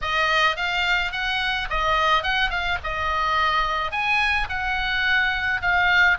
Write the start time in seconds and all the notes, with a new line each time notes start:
0.01 D#5
0.56 F5
1.11 F#5
1.69 D#5
2.23 F#5
2.50 F5
2.83 D#5
3.91 G#5
4.49 F#5
5.61 F5